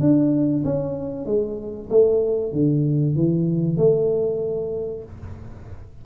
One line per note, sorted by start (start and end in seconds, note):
0.00 0.63 D4
0.64 1.26 C#4
1.26 1.89 G#3
1.90 2.52 A3
2.52 3.16 D3
3.16 3.77 E3
3.77 5.04 A3